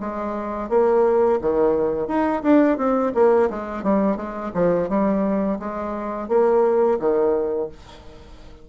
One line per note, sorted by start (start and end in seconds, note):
0.00 0.69 G#3
0.69 1.39 A#3
1.41 2.08 D#3
2.08 2.43 D#4
2.43 2.78 D4
2.78 3.13 C4
3.15 3.49 A#3
3.50 3.83 G#3
3.83 4.17 G3
4.17 4.52 G#3
4.54 4.89 F3
4.89 5.59 G3
5.59 6.29 G#3
6.29 6.99 A#3
6.99 7.69 D#3